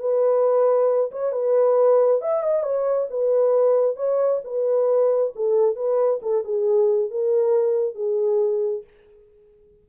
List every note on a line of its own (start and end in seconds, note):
0.00 1.11 B4
1.12 1.33 C#5
1.33 2.21 B4
2.22 2.43 E5
2.43 2.63 D#5
2.63 3.08 C#5
3.11 3.96 B4
3.96 4.41 C#5
4.44 5.33 B4
5.36 5.76 A4
5.76 6.20 B4
6.22 6.45 A4
6.45 7.11 G#4
7.11 7.95 A#4
7.95 8.84 G#4